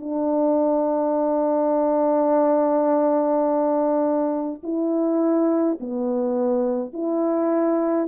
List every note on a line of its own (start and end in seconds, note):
0.00 4.62 D4
4.63 5.78 E4
5.80 6.93 B3
6.93 8.08 E4